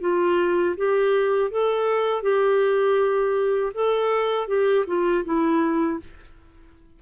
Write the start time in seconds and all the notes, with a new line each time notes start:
0.00 F4
0.76 G4
1.50 A4
2.22 G4
3.73 A4
4.47 G4
4.86 F4
5.24 E4